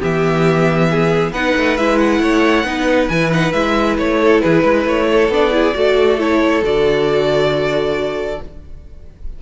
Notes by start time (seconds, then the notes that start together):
0.00 E3 B3 G4 E5
0.90 G#4
1.32 B3 D#4 B4 F#5
1.57 A3
1.77 G#3 E4 E5
1.99 F#5
2.20 A3 C#5
2.64 B3 D#4 B4
3.08 E3 E4 G#5
3.31 D#4 F#5
3.53 G#3 E4 E5
3.98 A3 C#5
4.21 A4
4.41 E3 G#4 B4
4.64 G#3 B4
4.85 A3 C#5
5.11 A4
5.29 B3 D4 D5
5.51 E4 G#4
5.74 A3 F#4 A4
6.18 E4 C#5
6.63 D3 F#4 D5